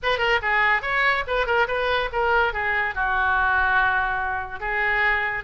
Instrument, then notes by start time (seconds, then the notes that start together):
oboe
0.02 B4
0.18 A#4
0.41 G#4
0.82 C#5
1.27 B4
1.46 A#4
1.67 B4
2.12 A#4
2.53 G#4
2.94 F#4
4.60 G#4